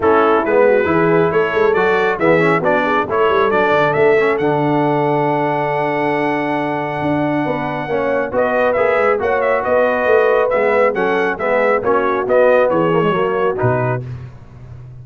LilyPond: <<
  \new Staff \with { instrumentName = "trumpet" } { \time 4/4 \tempo 4 = 137 a'4 b'2 cis''4 | d''4 e''4 d''4 cis''4 | d''4 e''4 fis''2~ | fis''1~ |
fis''2. dis''4 | e''4 fis''8 e''8 dis''2 | e''4 fis''4 e''4 cis''4 | dis''4 cis''2 b'4 | }
  \new Staff \with { instrumentName = "horn" } { \time 4/4 e'4. fis'8 gis'4 a'4~ | a'4 gis'4 fis'8 gis'8 a'4~ | a'1~ | a'1~ |
a'4 b'4 cis''4 b'4~ | b'4 cis''4 b'2~ | b'4 a'4 gis'4 fis'4~ | fis'4 gis'4 fis'2 | }
  \new Staff \with { instrumentName = "trombone" } { \time 4/4 cis'4 b4 e'2 | fis'4 b8 cis'8 d'4 e'4 | d'4. cis'8 d'2~ | d'1~ |
d'2 cis'4 fis'4 | gis'4 fis'2. | b4 cis'4 b4 cis'4 | b4. ais16 gis16 ais4 dis'4 | }
  \new Staff \with { instrumentName = "tuba" } { \time 4/4 a4 gis4 e4 a8 gis8 | fis4 e4 b4 a8 g8 | fis8 d8 a4 d2~ | d1 |
d'4 b4 ais4 b4 | ais8 gis8 ais4 b4 a4 | gis4 fis4 gis4 ais4 | b4 e4 fis4 b,4 | }
>>